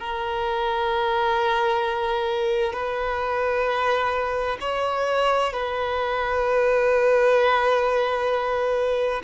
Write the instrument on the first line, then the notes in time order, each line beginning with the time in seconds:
violin
0.00 A#4
2.74 B4
4.61 C#5
5.53 B4